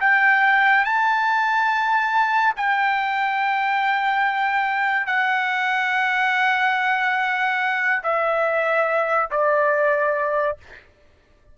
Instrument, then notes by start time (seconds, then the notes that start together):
trumpet
0.00 G5
0.85 A5
2.56 G5
5.06 F#5
8.03 E5
9.31 D5